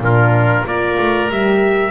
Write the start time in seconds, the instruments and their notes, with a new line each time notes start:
0.00 double bass A#2, horn D4, oboe F4, trumpet A#4
0.66 double bass A#3, horn F4, oboe A#4, trumpet D5
0.99 double bass A3
1.30 double bass G3, horn G4, trumpet E5